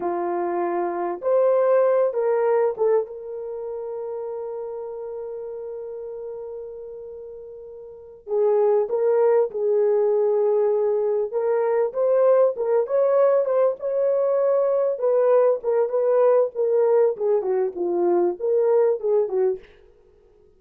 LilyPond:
\new Staff \with { instrumentName = "horn" } { \time 4/4 \tempo 4 = 98 f'2 c''4. ais'8~ | ais'8 a'8 ais'2.~ | ais'1~ | ais'4. gis'4 ais'4 gis'8~ |
gis'2~ gis'8 ais'4 c''8~ | c''8 ais'8 cis''4 c''8 cis''4.~ | cis''8 b'4 ais'8 b'4 ais'4 | gis'8 fis'8 f'4 ais'4 gis'8 fis'8 | }